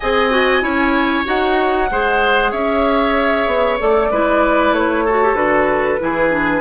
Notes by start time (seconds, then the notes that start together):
0.00 C4 G#4 D#5 G#5
0.30 F#4
0.62 C#4 E4 C#5
1.25 D#4 F#4 F#5
1.90 G#3 G#4 C5
2.51 C#4 C#5 E5
3.46 B3
3.79 A3 A4 D5
4.10 G#3 E4 B4
4.71 A3 C#5
5.04 F#4 A4
5.23 G4
5.33 D3 F#4 B4
5.99 E3 E4 G#4
6.30 D4